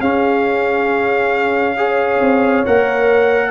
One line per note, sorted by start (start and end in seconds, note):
0.00 2.21 C#4
0.00 1.77 C#4
0.00 1.76 G#4
0.00 2.65 F5
1.77 2.65 G#4
1.77 3.51 C#5
2.21 2.65 C4
2.66 3.51 A#3
2.66 3.51 A#4
2.66 3.51 F#5